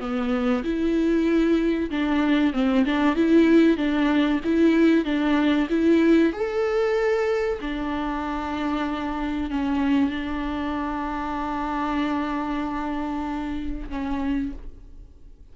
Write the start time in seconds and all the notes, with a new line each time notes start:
0.00 B3
0.64 E4
1.90 D4
2.53 C4
2.85 D4
3.16 E4
3.77 D4
4.44 E4
5.05 D4
5.70 E4
6.33 A4
7.61 D4
9.50 C#4
10.10 D4
13.89 C#4